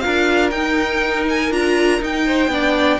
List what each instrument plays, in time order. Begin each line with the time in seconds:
0.00 cello D4, viola F4, violin A#4 F5
0.51 cello D#4, viola D#4, violin G5
1.29 violin G#5
1.51 cello D4, viola F4, violin A#5
2.00 viola D#4, cello D#4, violin G5
2.26 violin C5
2.47 cello B3, viola D4, violin D5